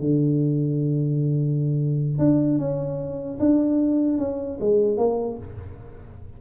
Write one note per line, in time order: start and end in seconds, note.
0.00 2.19 D3
2.19 2.59 D4
2.59 3.39 C#4
3.40 4.18 D4
4.18 4.58 C#4
4.60 4.97 G#3
4.97 5.37 A#3